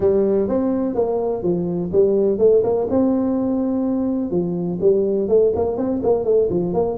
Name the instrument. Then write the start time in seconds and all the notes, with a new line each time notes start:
tuba
0.00 G3
0.48 C4
0.94 A#3
1.42 F3
1.92 G3
2.38 A3
2.63 A#3
2.90 C4
4.30 F3
4.80 G3
5.28 A3
5.55 A#3
5.77 C4
6.02 A#3
6.24 A3
6.50 F3
6.73 A#3